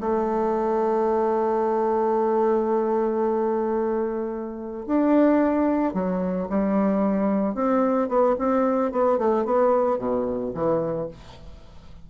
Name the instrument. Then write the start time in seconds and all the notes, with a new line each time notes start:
bassoon
0.00 A3
4.86 D4
5.94 F#3
6.49 G3
7.54 C4
8.08 B3
8.38 C4
8.92 B3
9.18 A3
9.45 B3
9.98 B2
10.54 E3